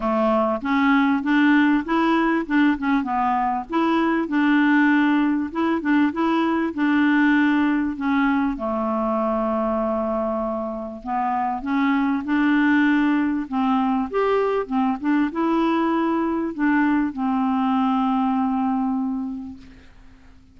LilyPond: \new Staff \with { instrumentName = "clarinet" } { \time 4/4 \tempo 4 = 98 a4 cis'4 d'4 e'4 | d'8 cis'8 b4 e'4 d'4~ | d'4 e'8 d'8 e'4 d'4~ | d'4 cis'4 a2~ |
a2 b4 cis'4 | d'2 c'4 g'4 | c'8 d'8 e'2 d'4 | c'1 | }